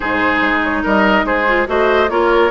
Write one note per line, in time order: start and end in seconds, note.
0.00 0.41 G#2
0.00 1.47 D#4
0.00 0.82 G#4
0.00 0.60 C5
0.41 0.83 G#3
0.64 0.85 C#5
0.83 1.24 G3
0.83 1.25 A#4
0.83 1.26 D#5
1.24 1.65 G#3
1.24 1.67 G#4
1.24 1.68 C5
1.47 1.66 F4
1.66 2.09 A3
1.66 2.08 F#4
1.66 2.10 C5
1.66 2.09 D#5
2.09 2.51 A#3
2.09 2.51 F4
2.09 2.51 A#4
2.09 2.51 C#5